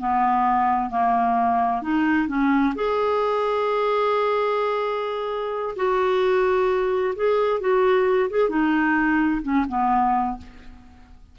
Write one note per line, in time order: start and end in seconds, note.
0.00 0.90 B3
0.90 1.82 A#3
1.82 2.28 D#4
2.28 2.74 C#4
2.76 5.76 G#4
5.76 7.15 F#4
7.16 7.61 G#4
7.61 8.30 F#4
8.30 8.49 G#4
8.49 9.42 D#4
9.43 9.66 C#4
9.69 10.38 B3